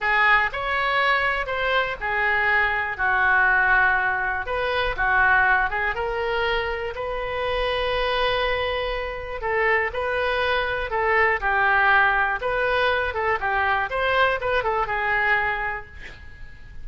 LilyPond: \new Staff \with { instrumentName = "oboe" } { \time 4/4 \tempo 4 = 121 gis'4 cis''2 c''4 | gis'2 fis'2~ | fis'4 b'4 fis'4. gis'8 | ais'2 b'2~ |
b'2. a'4 | b'2 a'4 g'4~ | g'4 b'4. a'8 g'4 | c''4 b'8 a'8 gis'2 | }